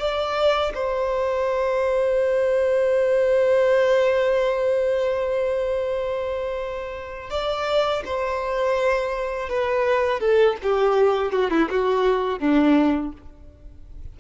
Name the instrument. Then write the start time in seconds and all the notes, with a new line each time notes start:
violin
0.00 D5
0.75 C5
7.30 D5
8.06 C5
9.50 B4
10.20 A4
10.64 G4
11.33 F#4
11.51 E4
11.70 F#4
12.40 D4